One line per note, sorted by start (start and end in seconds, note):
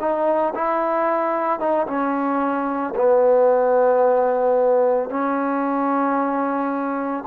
0.00 0.54 D#4
0.55 1.59 E4
1.59 1.86 D#4
1.87 2.94 C#4
2.95 5.09 B3
5.09 7.24 C#4